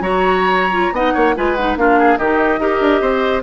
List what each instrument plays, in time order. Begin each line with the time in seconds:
0.00 bassoon F#3, clarinet F#4, oboe C#5, flute A#5
0.71 clarinet F4
0.91 bassoon B3, clarinet D#4, oboe D#5, flute F#5
1.13 bassoon A#3, oboe C#5
1.35 bassoon G#3, clarinet F4, oboe B4, flute G#5
1.55 clarinet D#4, flute F#5
1.76 bassoon A#3, clarinet D4, oboe F4, flute F5
1.99 oboe G#4
2.17 bassoon D#3, clarinet D#4, oboe G4, flute D#5
2.59 bassoon D#4, clarinet G4, oboe A#4
2.80 bassoon D4
3.01 bassoon C4, oboe C5